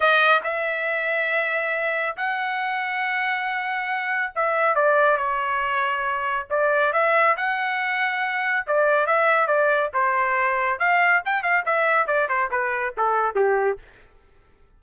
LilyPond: \new Staff \with { instrumentName = "trumpet" } { \time 4/4 \tempo 4 = 139 dis''4 e''2.~ | e''4 fis''2.~ | fis''2 e''4 d''4 | cis''2. d''4 |
e''4 fis''2. | d''4 e''4 d''4 c''4~ | c''4 f''4 g''8 f''8 e''4 | d''8 c''8 b'4 a'4 g'4 | }